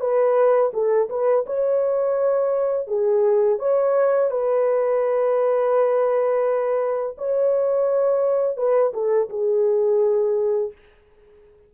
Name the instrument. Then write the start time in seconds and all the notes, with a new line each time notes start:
horn
0.00 B4
0.73 A4
1.09 B4
1.46 C#5
2.87 G#4
3.59 C#5
4.30 B4
7.18 C#5
8.57 B4
8.93 A4
9.29 G#4